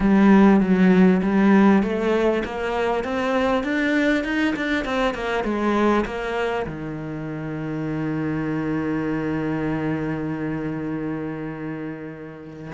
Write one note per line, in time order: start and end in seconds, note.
0.00 0.60 G3
0.60 1.21 F#3
1.22 1.82 G3
1.82 2.43 A3
2.44 3.04 A#3
3.04 3.63 C4
3.63 4.24 D4
4.24 4.54 D#4
4.56 4.85 D4
4.85 5.14 C4
5.14 5.44 A#3
5.44 6.04 G#3
6.05 6.66 A#3
6.66 12.72 D#3